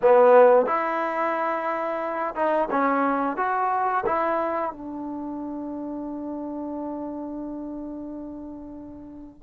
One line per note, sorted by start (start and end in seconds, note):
0.02 0.66 B3
0.66 2.34 E4
2.35 2.68 D#4
2.70 3.36 C#4
3.36 4.04 F#4
4.05 4.72 E4
4.72 9.42 D4